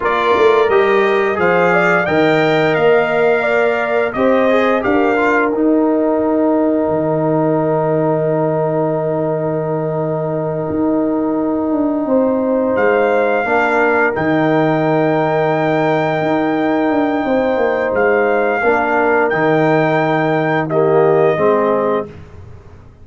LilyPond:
<<
  \new Staff \with { instrumentName = "trumpet" } { \time 4/4 \tempo 4 = 87 d''4 dis''4 f''4 g''4 | f''2 dis''4 f''4 | g''1~ | g''1~ |
g''2~ g''8 f''4.~ | f''8 g''2.~ g''8~ | g''2 f''2 | g''2 dis''2 | }
  \new Staff \with { instrumentName = "horn" } { \time 4/4 ais'2 c''8 d''8 dis''4~ | dis''4 d''4 c''4 ais'4~ | ais'1~ | ais'1~ |
ais'4. c''2 ais'8~ | ais'1~ | ais'4 c''2 ais'4~ | ais'2 g'4 gis'4 | }
  \new Staff \with { instrumentName = "trombone" } { \time 4/4 f'4 g'4 gis'4 ais'4~ | ais'2 g'8 gis'8 g'8 f'8 | dis'1~ | dis'1~ |
dis'2.~ dis'8 d'8~ | d'8 dis'2.~ dis'8~ | dis'2. d'4 | dis'2 ais4 c'4 | }
  \new Staff \with { instrumentName = "tuba" } { \time 4/4 ais8 a8 g4 f4 dis4 | ais2 c'4 d'4 | dis'2 dis2~ | dis2.~ dis8 dis'8~ |
dis'4 d'8 c'4 gis4 ais8~ | ais8 dis2. dis'8~ | dis'8 d'8 c'8 ais8 gis4 ais4 | dis2. gis4 | }
>>